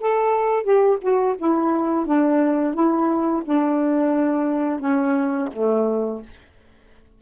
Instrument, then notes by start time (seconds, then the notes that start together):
saxophone
0.00 A4
0.63 G4
1.01 F#4
1.38 E4
2.06 D4
2.74 E4
3.45 D4
4.80 C#4
5.53 A3